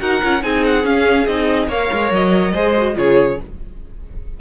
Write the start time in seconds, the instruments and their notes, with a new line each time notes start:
0.00 cello D#4, viola F#4, violin A#4 F#5
0.23 cello C#4, viola F4
0.41 cello C4, viola D#4, violin G#4 G#5
0.65 violin F#5
0.84 viola C#4, cello C#4, violin F5
1.26 cello C4, viola D#4, violin D#5
1.68 cello A#3, viola A#4, violin C#5 F5
1.92 cello G#3
2.11 cello F#3, violin D#5
2.53 cello G#3, viola G#4, violin C5
2.78 viola F#4
2.94 cello C#3, viola F4, violin G#4 C#5